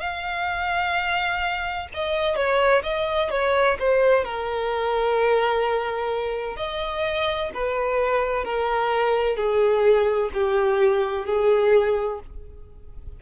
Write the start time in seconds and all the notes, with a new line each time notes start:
0.00 F5
1.94 D#5
2.36 C#5
2.83 D#5
3.30 C#5
3.79 C5
4.24 A#4
6.57 D#5
7.54 B4
8.44 A#4
9.37 G#4
10.34 G4
11.26 G#4